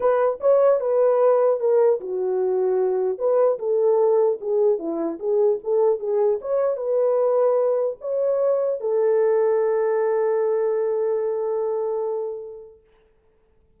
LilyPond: \new Staff \with { instrumentName = "horn" } { \time 4/4 \tempo 4 = 150 b'4 cis''4 b'2 | ais'4 fis'2. | b'4 a'2 gis'4 | e'4 gis'4 a'4 gis'4 |
cis''4 b'2. | cis''2 a'2~ | a'1~ | a'1 | }